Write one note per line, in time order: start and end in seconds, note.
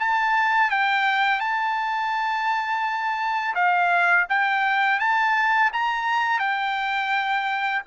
0.00 0.71 A5
0.71 1.41 G5
1.41 3.55 A5
3.55 4.27 F5
4.30 5.00 G5
5.00 5.71 A5
5.73 6.40 A#5
6.40 7.82 G5